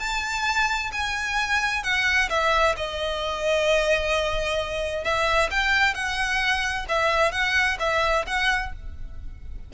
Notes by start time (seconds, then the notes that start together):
0.00 A5
0.93 G#5
1.84 F#5
2.30 E5
2.77 D#5
5.04 E5
5.51 G5
5.95 F#5
6.89 E5
7.32 F#5
7.80 E5
8.27 F#5